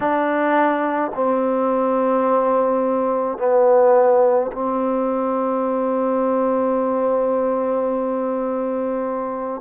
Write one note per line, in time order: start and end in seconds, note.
0.00 1.11 D4
1.14 3.38 C4
3.38 4.51 B3
4.52 9.61 C4